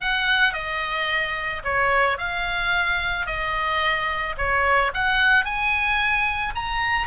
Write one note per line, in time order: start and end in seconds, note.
0.00 0.53 F#5
0.53 1.62 D#5
1.64 2.17 C#5
2.17 3.26 F5
3.26 4.35 D#5
4.37 4.92 C#5
4.94 5.44 F#5
5.44 6.53 G#5
6.55 7.07 A#5